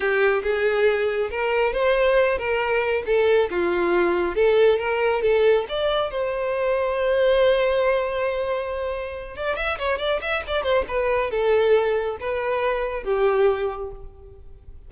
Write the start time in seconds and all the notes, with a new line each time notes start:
0.00 G4
0.43 G#4
1.30 A#4
1.73 C5
2.37 A#4
3.06 A4
3.50 F4
4.35 A4
4.78 A#4
5.22 A4
5.68 D5
6.10 C5
9.36 D5
9.56 E5
9.78 C#5
9.98 D5
10.21 E5
10.47 D5
10.63 C5
10.88 B4
11.30 A4
12.20 B4
13.03 G4